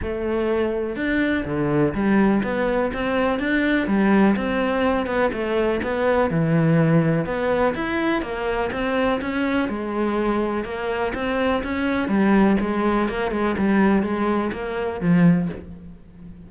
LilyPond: \new Staff \with { instrumentName = "cello" } { \time 4/4 \tempo 4 = 124 a2 d'4 d4 | g4 b4 c'4 d'4 | g4 c'4. b8 a4 | b4 e2 b4 |
e'4 ais4 c'4 cis'4 | gis2 ais4 c'4 | cis'4 g4 gis4 ais8 gis8 | g4 gis4 ais4 f4 | }